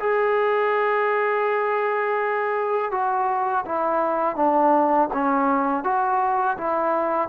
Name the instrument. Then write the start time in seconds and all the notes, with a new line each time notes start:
trombone
0.00 G#4
2.92 F#4
3.66 E4
4.36 D4
5.14 C#4
5.84 F#4
6.58 E4